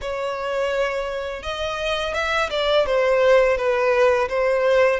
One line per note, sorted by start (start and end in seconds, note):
0.01 1.42 C#5
1.42 2.14 D#5
2.14 2.49 E5
2.50 2.85 D5
2.86 3.57 C5
3.57 4.28 B4
4.29 5.00 C5